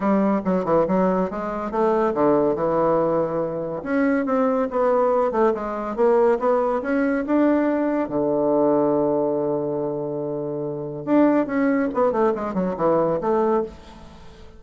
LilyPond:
\new Staff \with { instrumentName = "bassoon" } { \time 4/4 \tempo 4 = 141 g4 fis8 e8 fis4 gis4 | a4 d4 e2~ | e4 cis'4 c'4 b4~ | b8 a8 gis4 ais4 b4 |
cis'4 d'2 d4~ | d1~ | d2 d'4 cis'4 | b8 a8 gis8 fis8 e4 a4 | }